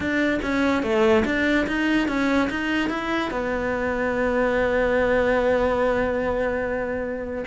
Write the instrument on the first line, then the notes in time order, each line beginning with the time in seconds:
cello
0.00 D4
0.42 C#4
0.82 A3
1.25 D4
1.67 D#4
2.07 C#4
2.50 D#4
2.89 E4
3.30 B3